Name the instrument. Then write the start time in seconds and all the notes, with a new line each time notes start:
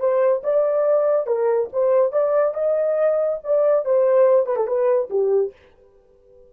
horn
0.00 C5
0.44 D5
1.27 A#4
1.73 C5
2.12 D5
2.54 D#5
3.44 D5
3.85 C5
4.46 B4
4.56 A4
4.67 B4
5.10 G4